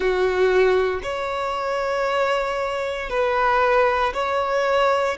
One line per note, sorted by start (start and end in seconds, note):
0.00 1.01 F#4
1.03 3.09 C#5
3.09 4.13 B4
4.13 5.17 C#5